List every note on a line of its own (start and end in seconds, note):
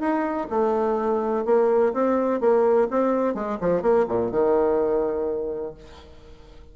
0.00 0.48 D#4
0.50 1.45 A3
1.46 1.93 A#3
1.93 2.41 C4
2.41 2.89 A#3
2.91 3.35 C4
3.35 3.58 G#3
3.61 3.82 F3
3.82 4.06 A#3
4.09 4.32 A#2
4.32 5.74 D#3